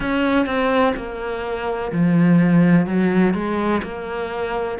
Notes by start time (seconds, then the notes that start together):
0.00 C#4
0.45 C4
0.96 A#3
1.92 F3
2.86 F#3
3.33 G#3
3.83 A#3